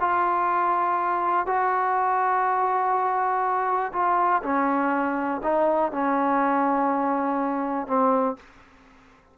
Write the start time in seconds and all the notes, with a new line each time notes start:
0.00 F4
1.46 F#4
3.93 F4
4.43 C#4
5.43 D#4
5.92 C#4
7.87 C4